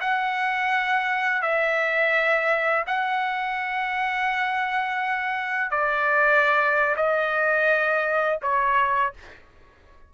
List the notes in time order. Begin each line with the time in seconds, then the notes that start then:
0.00 F#5
1.42 E5
2.86 F#5
5.70 D5
6.96 D#5
8.42 C#5